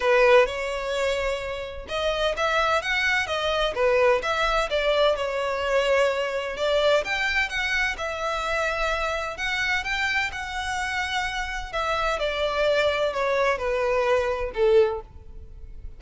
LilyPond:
\new Staff \with { instrumentName = "violin" } { \time 4/4 \tempo 4 = 128 b'4 cis''2. | dis''4 e''4 fis''4 dis''4 | b'4 e''4 d''4 cis''4~ | cis''2 d''4 g''4 |
fis''4 e''2. | fis''4 g''4 fis''2~ | fis''4 e''4 d''2 | cis''4 b'2 a'4 | }